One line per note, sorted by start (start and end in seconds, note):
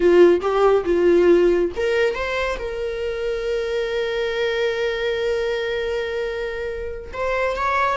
0.00 0.40 F4
0.41 0.84 G4
0.85 1.71 F4
1.76 2.14 A#4
2.14 2.57 C5
2.59 7.12 A#4
7.13 7.56 C5
7.56 7.97 C#5